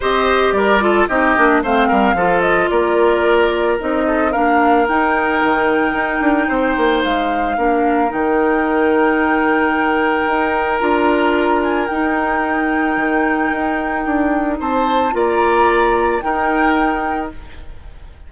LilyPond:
<<
  \new Staff \with { instrumentName = "flute" } { \time 4/4 \tempo 4 = 111 dis''4 d''4 dis''4 f''4~ | f''8 dis''8 d''2 dis''4 | f''4 g''2.~ | g''4 f''2 g''4~ |
g''1 | ais''4. gis''8 g''2~ | g''2. a''4 | ais''2 g''2 | }
  \new Staff \with { instrumentName = "oboe" } { \time 4/4 c''4 ais'8 a'8 g'4 c''8 ais'8 | a'4 ais'2~ ais'8 a'8 | ais'1 | c''2 ais'2~ |
ais'1~ | ais'1~ | ais'2. c''4 | d''2 ais'2 | }
  \new Staff \with { instrumentName = "clarinet" } { \time 4/4 g'4. f'8 dis'8 d'8 c'4 | f'2. dis'4 | d'4 dis'2.~ | dis'2 d'4 dis'4~ |
dis'1 | f'2 dis'2~ | dis'1 | f'2 dis'2 | }
  \new Staff \with { instrumentName = "bassoon" } { \time 4/4 c'4 g4 c'8 ais8 a8 g8 | f4 ais2 c'4 | ais4 dis'4 dis4 dis'8 d'8 | c'8 ais8 gis4 ais4 dis4~ |
dis2. dis'4 | d'2 dis'2 | dis4 dis'4 d'4 c'4 | ais2 dis'2 | }
>>